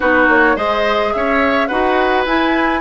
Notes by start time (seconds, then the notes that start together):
0.00 B3 D#4 F#4 B4
0.27 A#3 C#5
0.56 G#3 G#4 C5 D#5
1.13 C#4 C#5 E5
1.67 D#4 F#4 B4 F#5
2.26 E4 G#5